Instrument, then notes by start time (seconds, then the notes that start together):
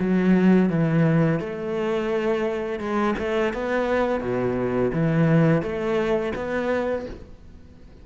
cello
0.00 F#3
0.70 E3
1.40 A3
2.80 G#3
3.19 A3
3.54 B3
4.21 B2
4.93 E3
5.62 A3
6.36 B3